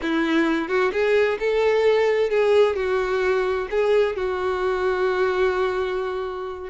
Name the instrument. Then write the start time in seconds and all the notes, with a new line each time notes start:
violin
0.01 E4
0.68 F#4
0.92 G#4
1.39 A4
2.30 G#4
2.75 F#4
3.70 G#4
4.16 F#4